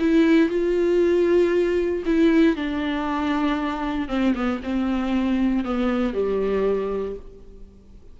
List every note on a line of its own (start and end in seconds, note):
0.00 0.50 E4
0.50 2.03 F4
2.06 2.56 E4
2.56 4.09 D4
4.09 4.34 C4
4.35 4.61 B3
4.64 5.65 C4
5.65 6.14 B3
6.14 7.16 G3